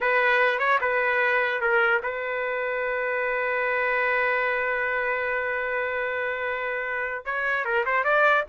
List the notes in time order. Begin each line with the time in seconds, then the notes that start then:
0.00 B4
0.58 C#5
0.80 B4
1.61 A#4
2.02 B4
7.25 C#5
7.64 A#4
7.85 C5
8.04 D5